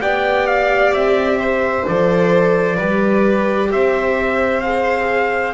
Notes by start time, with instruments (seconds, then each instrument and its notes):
0.00 double bass B3, viola G4, violin D5, trumpet G5
0.47 trumpet F5
0.92 double bass C4, trumpet E5
1.39 violin C5
1.87 double bass F3, viola A4, trumpet D5
2.76 double bass G3, viola G4, violin B4
3.72 double bass C4, violin C5, trumpet E5
4.61 viola G#4, trumpet F5